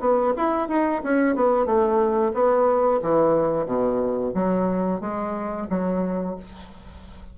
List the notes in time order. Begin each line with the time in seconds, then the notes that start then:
0.00 B3
0.36 E4
0.68 D#4
1.03 C#4
1.35 B3
1.65 A3
2.34 B3
3.02 E3
3.66 B2
4.34 F#3
5.01 G#3
5.70 F#3